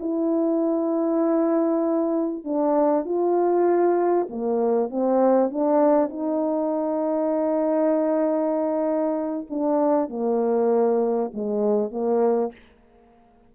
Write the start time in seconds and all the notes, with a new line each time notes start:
0.00 E4
2.45 D4
3.05 F4
4.30 A#3
4.90 C4
5.50 D4
6.10 D#4
9.50 D4
10.10 A#3
11.34 G#3
11.91 A#3